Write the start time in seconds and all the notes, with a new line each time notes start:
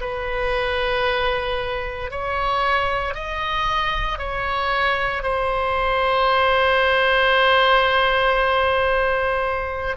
0.00 B4
2.11 C#5
3.14 D#5
4.18 C#5
5.22 C5